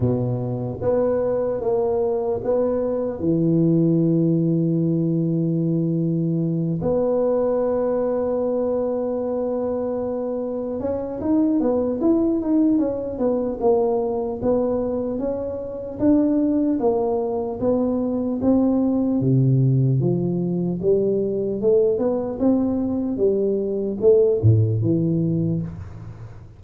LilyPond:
\new Staff \with { instrumentName = "tuba" } { \time 4/4 \tempo 4 = 75 b,4 b4 ais4 b4 | e1~ | e8 b2.~ b8~ | b4. cis'8 dis'8 b8 e'8 dis'8 |
cis'8 b8 ais4 b4 cis'4 | d'4 ais4 b4 c'4 | c4 f4 g4 a8 b8 | c'4 g4 a8 a,8 e4 | }